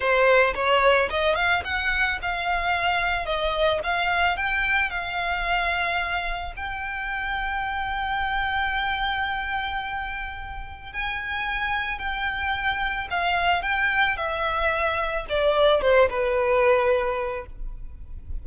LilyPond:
\new Staff \with { instrumentName = "violin" } { \time 4/4 \tempo 4 = 110 c''4 cis''4 dis''8 f''8 fis''4 | f''2 dis''4 f''4 | g''4 f''2. | g''1~ |
g''1 | gis''2 g''2 | f''4 g''4 e''2 | d''4 c''8 b'2~ b'8 | }